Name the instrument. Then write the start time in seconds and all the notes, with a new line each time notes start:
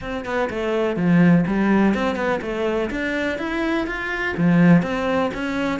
cello
0.01 C4
0.25 B3
0.49 A3
0.96 F3
1.46 G3
1.94 C4
2.15 B3
2.41 A3
2.90 D4
3.38 E4
3.86 F4
4.37 F3
4.82 C4
5.34 C#4